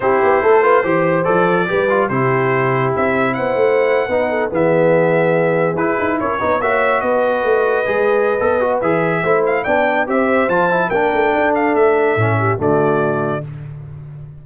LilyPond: <<
  \new Staff \with { instrumentName = "trumpet" } { \time 4/4 \tempo 4 = 143 c''2. d''4~ | d''4 c''2 e''4 | fis''2~ fis''8. e''4~ e''16~ | e''4.~ e''16 b'4 cis''4 e''16~ |
e''8. dis''2.~ dis''16~ | dis''4 e''4. f''8 g''4 | e''4 a''4 g''4. f''8 | e''2 d''2 | }
  \new Staff \with { instrumentName = "horn" } { \time 4/4 g'4 a'8 b'8 c''2 | b'4 g'2. | c''4.~ c''16 b'8 a'8 gis'4~ gis'16~ | gis'2~ gis'8. ais'8 b'8 cis''16~ |
cis''8. b'2.~ b'16~ | b'2 c''4 d''4 | c''2 ais'4 a'4~ | a'4. g'8 fis'2 | }
  \new Staff \with { instrumentName = "trombone" } { \time 4/4 e'4. f'8 g'4 a'4 | g'8 f'8 e'2.~ | e'4.~ e'16 dis'4 b4~ b16~ | b4.~ b16 e'4. dis'8 fis'16~ |
fis'2~ fis'8. gis'4~ gis'16 | a'8 fis'8 gis'4 e'4 d'4 | g'4 f'8 e'8 d'2~ | d'4 cis'4 a2 | }
  \new Staff \with { instrumentName = "tuba" } { \time 4/4 c'8 b8 a4 e4 f4 | g4 c2 c'4 | b8 a4~ a16 b4 e4~ e16~ | e4.~ e16 e'8 dis'8 cis'8 b8 ais16~ |
ais8. b4 a4 gis4~ gis16 | b4 e4 a4 b4 | c'4 f4 ais8 a8 d'4 | a4 a,4 d2 | }
>>